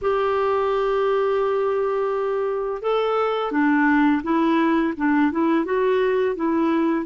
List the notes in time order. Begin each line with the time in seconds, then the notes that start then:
0.01 G4
2.82 A4
3.51 D4
4.23 E4
4.96 D4
5.31 E4
5.65 F#4
6.35 E4